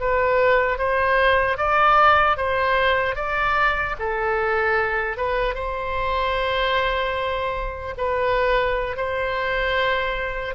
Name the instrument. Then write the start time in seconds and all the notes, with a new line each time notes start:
oboe
0.00 B4
0.78 C5
1.57 D5
2.37 C5
3.16 D5
3.99 A4
5.17 B4
5.55 C5
7.97 B4
8.97 C5